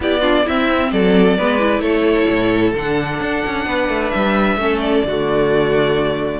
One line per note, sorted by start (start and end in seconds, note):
0.00 0.46 B3
0.00 0.21 E4
0.00 0.20 G4
0.00 0.47 D5
0.20 0.44 D4
0.20 0.43 F4
0.45 0.92 C4
0.45 1.39 C4
0.45 0.90 E4
0.45 0.91 E5
0.91 1.38 F#3
0.91 1.37 A4
0.91 1.80 D5
1.37 1.79 G#3
1.37 1.59 B3
1.37 1.82 B4
1.59 2.73 E4
1.79 2.25 A3
1.79 3.65 A4
1.79 2.72 C#5
2.28 2.73 A2
2.74 3.20 D3
2.74 4.59 D4
2.74 4.09 F#5
3.20 3.42 D4
3.46 3.65 C#4
3.65 3.88 B3
3.65 4.58 B4
3.88 4.11 A3
4.09 4.56 G3
4.09 4.78 E5
4.56 5.02 A3
4.56 5.05 C#4
4.56 5.07 A4
4.80 6.40 D5
5.03 6.40 D3
5.03 6.40 A3
5.03 6.40 F#4